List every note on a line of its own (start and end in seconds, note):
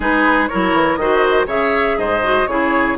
0.00 0.48 G#3
0.00 0.49 D#4
0.00 0.49 G#4
0.00 0.48 B4
0.48 1.00 E4
0.48 0.98 A#4
0.48 0.96 C#5
0.54 0.73 F#3
0.73 0.96 E3
0.96 1.46 D#3
0.96 1.47 F#4
0.96 1.47 C5
0.96 1.46 D#5
1.46 1.96 C#3
1.46 2.21 G#4
1.46 1.96 C#5
1.46 1.98 E5
1.97 2.47 G#2
1.97 2.49 C5
1.97 2.46 D#5
2.22 2.47 F#4
2.46 2.97 C#3
2.46 2.97 E4
2.46 2.97 G#4
2.46 2.96 C#5